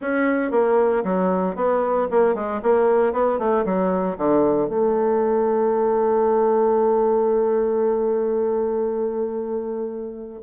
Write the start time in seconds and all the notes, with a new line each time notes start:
0.01 C#4
0.51 A#3
1.04 F#3
1.55 B3
2.10 A#3
2.35 G#3
2.62 A#3
3.12 B3
3.38 A3
3.65 F#3
4.17 D3
4.68 A3